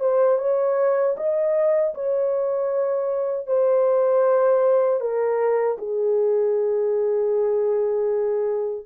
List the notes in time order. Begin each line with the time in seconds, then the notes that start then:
0.00 C5
0.39 C#5
1.17 D#5
1.95 C#5
3.47 C5
5.00 A#4
5.78 G#4